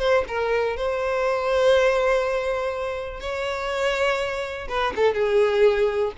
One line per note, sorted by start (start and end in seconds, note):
0.00 0.25 C5
0.28 0.77 A#4
0.77 3.21 C5
3.21 4.68 C#5
4.69 4.94 B4
4.96 5.14 A4
5.14 6.13 G#4